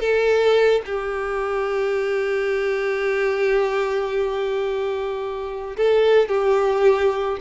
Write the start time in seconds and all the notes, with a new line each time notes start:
0.00 A4
0.86 G4
5.77 A4
6.29 G4